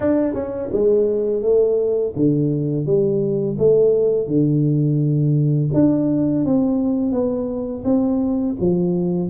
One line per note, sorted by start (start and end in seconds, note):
0.00 0.34 D4
0.34 0.69 C#4
0.72 1.42 G#3
1.42 2.13 A3
2.16 2.85 D3
2.85 3.57 G3
3.58 4.27 A3
4.27 5.69 D3
5.73 6.44 D4
6.45 7.11 C4
7.11 7.83 B3
7.84 8.55 C4
8.59 9.30 F3